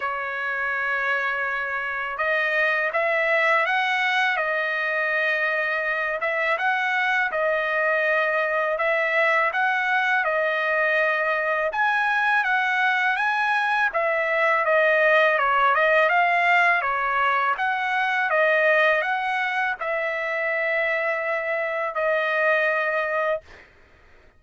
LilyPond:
\new Staff \with { instrumentName = "trumpet" } { \time 4/4 \tempo 4 = 82 cis''2. dis''4 | e''4 fis''4 dis''2~ | dis''8 e''8 fis''4 dis''2 | e''4 fis''4 dis''2 |
gis''4 fis''4 gis''4 e''4 | dis''4 cis''8 dis''8 f''4 cis''4 | fis''4 dis''4 fis''4 e''4~ | e''2 dis''2 | }